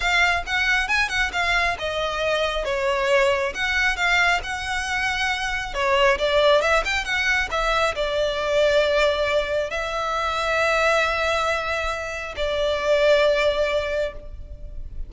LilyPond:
\new Staff \with { instrumentName = "violin" } { \time 4/4 \tempo 4 = 136 f''4 fis''4 gis''8 fis''8 f''4 | dis''2 cis''2 | fis''4 f''4 fis''2~ | fis''4 cis''4 d''4 e''8 g''8 |
fis''4 e''4 d''2~ | d''2 e''2~ | e''1 | d''1 | }